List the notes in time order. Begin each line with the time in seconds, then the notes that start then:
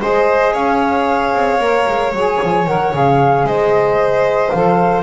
0.00 G#3 G#4 C5 D#5
0.53 C#4 C#5 F5
1.33 C4
1.59 A#3 A#4
1.88 G#3
2.12 F#3 G#4 G#5
2.43 F3
2.66 D#3 A#4 F#5
2.92 C#3 G#4 F5
3.44 G#3 C5 D#5
4.50 F3 A4 F5